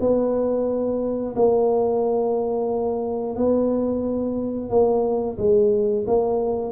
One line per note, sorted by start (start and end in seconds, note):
0.00 1.35 B3
1.36 3.36 A#3
3.36 4.70 B3
4.70 5.37 A#3
5.38 6.05 G#3
6.07 6.72 A#3